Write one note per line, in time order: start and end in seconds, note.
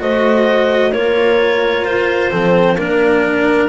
0.00 0.94 A3
0.00 0.92 F#4
0.00 0.93 C5
0.00 0.93 D#5
0.93 1.84 A#3
0.93 2.31 F4
0.93 2.31 A#4
0.93 1.85 C#5
1.84 2.31 F4
1.84 2.78 C5
2.31 2.78 F3
2.31 2.77 C4
2.31 2.75 A4
2.75 3.69 A#3
2.75 3.69 D4
2.75 3.67 A#4
2.75 3.69 A#4